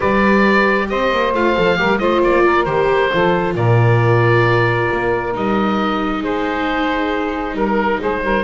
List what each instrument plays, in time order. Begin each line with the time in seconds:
0.00 double bass G3, viola G4, saxophone B4, oboe D5
0.88 double bass C4, saxophone C5, oboe D#5
1.11 double bass A#3
1.33 double bass A3, viola F4, oboe F5
1.56 double bass F3, viola A4
1.76 double bass G3, viola G4, saxophone A#4
1.98 double bass A3, viola F4, saxophone C5, oboe D#5
2.21 double bass A#3, oboe D5
2.45 saxophone A#4
2.64 double bass D#3, viola G4, oboe C5
3.12 double bass F3, viola F4, saxophone A4
3.55 double bass A#2, saxophone A#4, oboe D5
4.92 double bass A#3
5.32 double bass G3, viola D#4, oboe D#5
6.22 double bass G#3, saxophone G#4, oboe C5
7.53 double bass G3, saxophone A#4, oboe A#4
7.99 double bass G#3, saxophone G#4, oboe C5
8.23 double bass G3, saxophone A#4